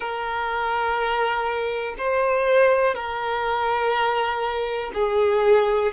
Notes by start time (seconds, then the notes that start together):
0.00 A#4
1.98 C5
2.94 A#4
4.94 G#4